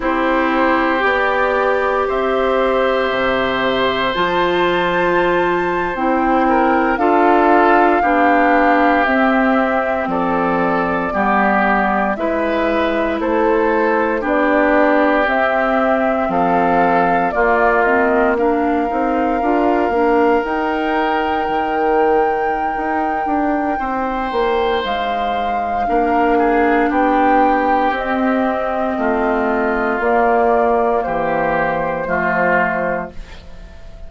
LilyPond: <<
  \new Staff \with { instrumentName = "flute" } { \time 4/4 \tempo 4 = 58 c''4 d''4 e''2 | a''4.~ a''16 g''4 f''4~ f''16~ | f''8. e''4 d''2 e''16~ | e''8. c''4 d''4 e''4 f''16~ |
f''8. d''8 dis''8 f''2 g''16~ | g''1 | f''2 g''4 dis''4~ | dis''4 d''4 c''2 | }
  \new Staff \with { instrumentName = "oboe" } { \time 4/4 g'2 c''2~ | c''2~ c''16 ais'8 a'4 g'16~ | g'4.~ g'16 a'4 g'4 b'16~ | b'8. a'4 g'2 a'16~ |
a'8. f'4 ais'2~ ais'16~ | ais'2. c''4~ | c''4 ais'8 gis'8 g'2 | f'2 g'4 f'4 | }
  \new Staff \with { instrumentName = "clarinet" } { \time 4/4 e'4 g'2. | f'4.~ f'16 e'4 f'4 d'16~ | d'8. c'2 b4 e'16~ | e'4.~ e'16 d'4 c'4~ c'16~ |
c'8. ais8 c'8 d'8 dis'8 f'8 d'8 dis'16~ | dis'1~ | dis'4 d'2 c'4~ | c'4 ais2 a4 | }
  \new Staff \with { instrumentName = "bassoon" } { \time 4/4 c'4 b4 c'4 c4 | f4.~ f16 c'4 d'4 b16~ | b8. c'4 f4 g4 gis16~ | gis8. a4 b4 c'4 f16~ |
f8. ais4. c'8 d'8 ais8 dis'16~ | dis'8. dis4~ dis16 dis'8 d'8 c'8 ais8 | gis4 ais4 b4 c'4 | a4 ais4 e4 f4 | }
>>